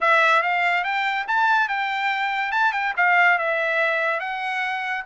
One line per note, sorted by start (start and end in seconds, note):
0.01 0.42 E5
0.42 0.84 F5
0.84 1.26 G5
1.27 1.68 A5
1.68 2.51 G5
2.51 2.72 A5
2.72 2.93 G5
2.96 3.38 F5
3.38 4.19 E5
4.19 5.04 F#5